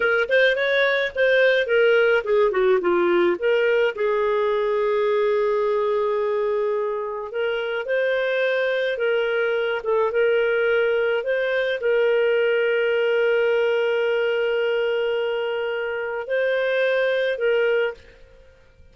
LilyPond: \new Staff \with { instrumentName = "clarinet" } { \time 4/4 \tempo 4 = 107 ais'8 c''8 cis''4 c''4 ais'4 | gis'8 fis'8 f'4 ais'4 gis'4~ | gis'1~ | gis'4 ais'4 c''2 |
ais'4. a'8 ais'2 | c''4 ais'2.~ | ais'1~ | ais'4 c''2 ais'4 | }